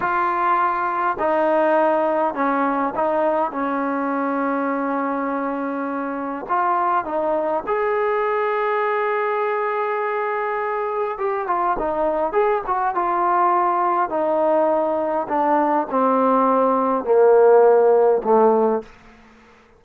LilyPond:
\new Staff \with { instrumentName = "trombone" } { \time 4/4 \tempo 4 = 102 f'2 dis'2 | cis'4 dis'4 cis'2~ | cis'2. f'4 | dis'4 gis'2.~ |
gis'2. g'8 f'8 | dis'4 gis'8 fis'8 f'2 | dis'2 d'4 c'4~ | c'4 ais2 a4 | }